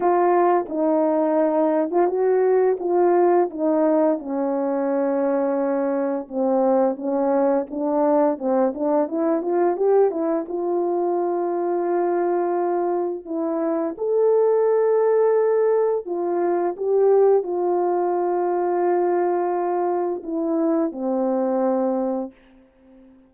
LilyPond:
\new Staff \with { instrumentName = "horn" } { \time 4/4 \tempo 4 = 86 f'4 dis'4.~ dis'16 f'16 fis'4 | f'4 dis'4 cis'2~ | cis'4 c'4 cis'4 d'4 | c'8 d'8 e'8 f'8 g'8 e'8 f'4~ |
f'2. e'4 | a'2. f'4 | g'4 f'2.~ | f'4 e'4 c'2 | }